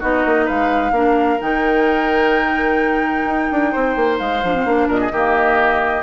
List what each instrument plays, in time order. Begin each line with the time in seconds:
0.00 bassoon B3, clarinet D#4, oboe F#4, flute D#5
0.25 bassoon A#3
0.45 bassoon G#3, oboe B4, flute F5
0.91 bassoon A#3, clarinet D4, oboe A#4
1.40 bassoon D#3, clarinet D#4, flute G5
3.26 bassoon D#4
3.51 bassoon D4
3.72 bassoon C4, oboe C5
3.96 bassoon A#3
4.19 bassoon G#3, flute F5
4.43 bassoon F3, clarinet D4
4.54 clarinet C4
4.65 bassoon A#3, clarinet D4
4.88 bassoon A#2, oboe A#4, flute D#5
5.00 oboe G#4
5.12 bassoon D#3, clarinet A#3, oboe G4